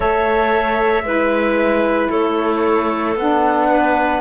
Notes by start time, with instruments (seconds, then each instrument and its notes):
0.00 cello A3, saxophone A4, clarinet C#5, flute E5
1.03 cello G#3, saxophone E4, clarinet B4
2.09 cello A3, clarinet A4, flute C#5
3.15 cello B3, saxophone D4, flute F#5
3.70 clarinet B4